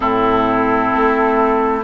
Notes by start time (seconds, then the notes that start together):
0.00 A2 C4 E4 A4
0.93 A3